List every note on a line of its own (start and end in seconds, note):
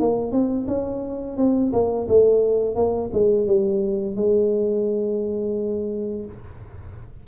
0.00 0.32 A#3
0.32 0.67 C4
0.67 1.37 C#4
1.37 1.72 C4
1.73 2.07 A#3
2.08 2.75 A3
2.75 3.10 A#3
3.13 3.47 G#3
3.47 4.16 G3
4.16 6.25 G#3